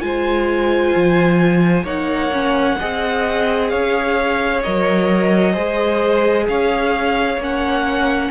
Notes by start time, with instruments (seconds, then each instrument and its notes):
0.00 cello G#3, viola F4, violin C5 G#5
0.95 cello F3
1.83 cello A#3, viola D#4, violin C#5 F#5
2.32 viola C#4
2.79 cello C4, viola G#4, violin D#5
3.69 cello C#4, violin C#5 F5
4.62 cello F#3, viola A#4, violin D#5
5.52 cello G#3, viola G#4, violin C5
6.48 cello C#4, violin C#5 F5
7.37 cello A#3, viola C#4
7.43 violin F#5